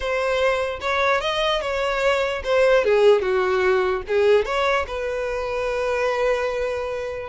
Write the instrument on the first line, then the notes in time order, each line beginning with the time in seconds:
violin
0.00 C5
0.80 C#5
1.21 D#5
1.61 C#5
2.44 C5
2.84 G#4
3.21 F#4
4.07 G#4
4.45 C#5
4.87 B4